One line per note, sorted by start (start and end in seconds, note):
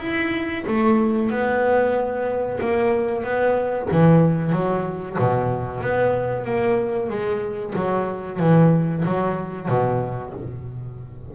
0.00 0.65 E4
0.67 1.30 A3
1.30 2.60 B3
2.61 3.24 A#3
3.24 3.89 B3
3.91 4.52 E3
4.52 5.17 F#3
5.19 5.81 B2
5.81 6.45 B3
6.45 7.09 A#3
7.09 7.74 G#3
7.75 8.40 F#3
8.40 9.04 E3
9.05 9.69 F#3
9.69 10.33 B2